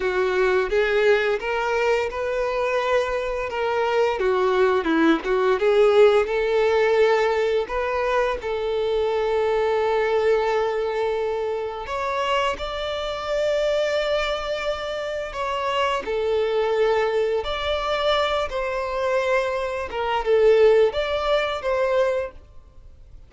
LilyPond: \new Staff \with { instrumentName = "violin" } { \time 4/4 \tempo 4 = 86 fis'4 gis'4 ais'4 b'4~ | b'4 ais'4 fis'4 e'8 fis'8 | gis'4 a'2 b'4 | a'1~ |
a'4 cis''4 d''2~ | d''2 cis''4 a'4~ | a'4 d''4. c''4.~ | c''8 ais'8 a'4 d''4 c''4 | }